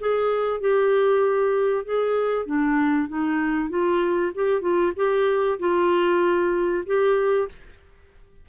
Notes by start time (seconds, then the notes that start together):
0.00 G#4
0.61 G4
1.85 G#4
2.46 D4
3.08 D#4
3.70 F4
4.35 G4
4.61 F4
4.96 G4
5.59 F4
6.86 G4